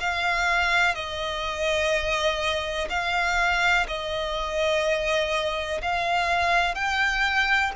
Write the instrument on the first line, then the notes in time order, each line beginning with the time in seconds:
violin
0.00 F5
0.95 D#5
2.89 F5
3.88 D#5
5.82 F5
6.75 G5